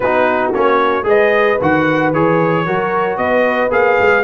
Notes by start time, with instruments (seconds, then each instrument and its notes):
0.00 tuba B3, trombone D#4, horn F#4, trumpet B4
0.53 tuba A#3, trombone C#4, trumpet C#5
1.03 tuba G#3, trombone G#4, horn B4, trumpet D#5
1.61 tuba D#3, trombone F#4, trumpet F#5
2.13 tuba E3, trombone G#4, trumpet C#5
2.65 tuba F#3, trombone F#4, horn A#4
3.17 tuba B3, horn B4, trumpet D#5
3.70 tuba A#3, trombone G#4, trumpet F5
4.00 tuba G#3